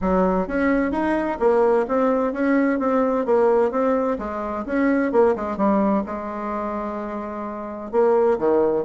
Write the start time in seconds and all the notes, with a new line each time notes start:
0.01 F#3
0.47 C#4
0.91 D#4
1.39 A#3
1.88 C4
2.32 C#4
2.79 C4
3.25 A#3
3.71 C4
4.18 G#3
4.65 C#4
5.12 A#3
5.35 G#3
5.57 G3
6.06 G#3
7.91 A#3
8.38 D#3